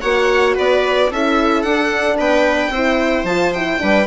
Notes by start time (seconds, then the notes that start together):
0.00 A#3 F#4 C#5 F#5
0.54 B3 B4 D5
1.11 C#4 E4 A4 E5
1.62 D4 F#5
2.18 B3 B4 G5
2.69 C4 E4 C5
3.23 F3 F4 A5
3.53 E4 G5
3.78 G3 D4 B4